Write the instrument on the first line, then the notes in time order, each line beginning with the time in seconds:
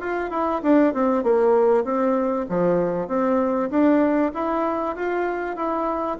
bassoon
0.00 F4
0.30 E4
0.62 D4
0.94 C4
1.23 A#3
1.84 C4
2.49 F3
3.08 C4
3.70 D4
4.34 E4
4.95 F4
5.56 E4